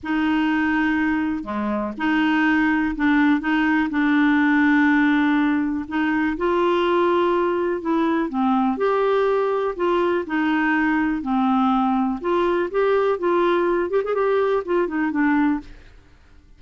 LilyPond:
\new Staff \with { instrumentName = "clarinet" } { \time 4/4 \tempo 4 = 123 dis'2. gis4 | dis'2 d'4 dis'4 | d'1 | dis'4 f'2. |
e'4 c'4 g'2 | f'4 dis'2 c'4~ | c'4 f'4 g'4 f'4~ | f'8 g'16 gis'16 g'4 f'8 dis'8 d'4 | }